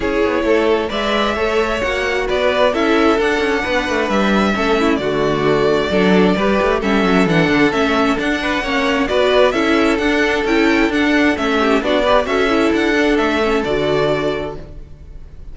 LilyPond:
<<
  \new Staff \with { instrumentName = "violin" } { \time 4/4 \tempo 4 = 132 cis''2 e''2 | fis''4 d''4 e''4 fis''4~ | fis''4 e''2 d''4~ | d''2. e''4 |
fis''4 e''4 fis''2 | d''4 e''4 fis''4 g''4 | fis''4 e''4 d''4 e''4 | fis''4 e''4 d''2 | }
  \new Staff \with { instrumentName = "violin" } { \time 4/4 gis'4 a'4 d''4 cis''4~ | cis''4 b'4 a'2 | b'2 a'8 e'8 fis'4~ | fis'4 a'4 b'4 a'4~ |
a'2~ a'8 b'8 cis''4 | b'4 a'2.~ | a'4. g'8 fis'8 b'8 a'4~ | a'1 | }
  \new Staff \with { instrumentName = "viola" } { \time 4/4 e'2 b'4 a'4 | fis'2 e'4 d'4~ | d'2 cis'4 a4~ | a4 d'4 g'4 cis'4 |
d'4 cis'4 d'4 cis'4 | fis'4 e'4 d'4 e'4 | d'4 cis'4 d'8 g'8 fis'8 e'8~ | e'8 d'4 cis'8 fis'2 | }
  \new Staff \with { instrumentName = "cello" } { \time 4/4 cis'8 b8 a4 gis4 a4 | ais4 b4 cis'4 d'8 cis'8 | b8 a8 g4 a4 d4~ | d4 fis4 g8 a8 g8 fis8 |
e8 d8 a4 d'4 ais4 | b4 cis'4 d'4 cis'4 | d'4 a4 b4 cis'4 | d'4 a4 d2 | }
>>